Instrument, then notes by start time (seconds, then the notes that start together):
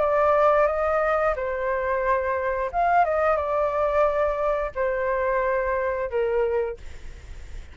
flute
0.00 D5
0.67 D#5
1.35 C5
2.72 F5
3.05 D#5
3.36 D5
4.75 C5
6.09 A#4